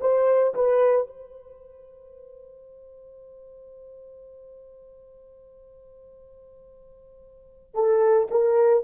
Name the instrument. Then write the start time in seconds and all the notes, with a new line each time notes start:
horn
0.00 C5
0.54 B4
1.07 C5
7.74 A4
8.30 A#4